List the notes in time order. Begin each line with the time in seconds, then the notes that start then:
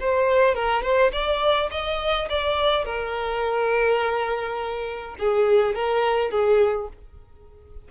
0.00 C5
0.55 A#4
0.83 C5
1.12 D5
1.71 D#5
2.29 D5
2.85 A#4
5.19 G#4
5.75 A#4
6.31 G#4